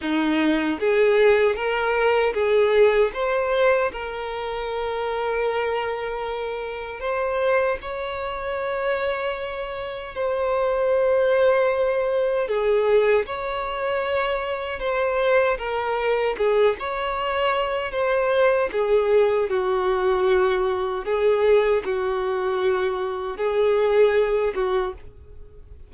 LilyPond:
\new Staff \with { instrumentName = "violin" } { \time 4/4 \tempo 4 = 77 dis'4 gis'4 ais'4 gis'4 | c''4 ais'2.~ | ais'4 c''4 cis''2~ | cis''4 c''2. |
gis'4 cis''2 c''4 | ais'4 gis'8 cis''4. c''4 | gis'4 fis'2 gis'4 | fis'2 gis'4. fis'8 | }